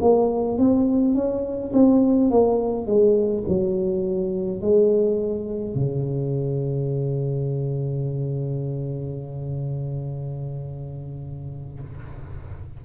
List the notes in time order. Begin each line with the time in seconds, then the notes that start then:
0.00 A#3
0.58 C4
1.14 C#4
1.73 C4
2.31 A#3
2.86 G#3
3.48 F#3
4.62 G#3
5.75 C#3